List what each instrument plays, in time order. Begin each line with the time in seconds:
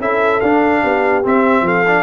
0.00 tuba C#4, trombone E4, horn A4, trumpet E5
0.40 tuba D4, trombone D4, trumpet F5
0.81 tuba B3, horn G4
1.23 trombone C4, tuba C4, trumpet E5
1.62 tuba F3, horn A4, trumpet F5
1.87 trombone D4